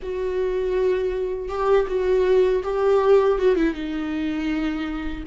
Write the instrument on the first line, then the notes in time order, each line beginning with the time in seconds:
viola
0.02 F#4
1.48 G4
1.88 F#4
2.63 G4
3.38 F#4
3.55 E4
3.74 D#4